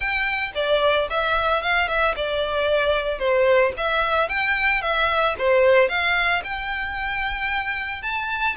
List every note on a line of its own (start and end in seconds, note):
0.00 0.51 G5
0.55 1.08 D5
1.10 1.62 E5
1.62 1.88 F5
1.88 2.15 E5
2.16 3.18 D5
3.18 3.72 C5
3.77 4.28 E5
4.28 4.81 G5
4.81 5.35 E5
5.38 5.88 C5
5.88 6.42 F5
6.44 8.02 G5
8.02 8.55 A5